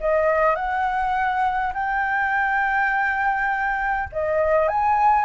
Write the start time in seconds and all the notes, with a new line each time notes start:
0.00 D#5
0.55 F#5
1.74 G5
4.12 D#5
4.68 G#5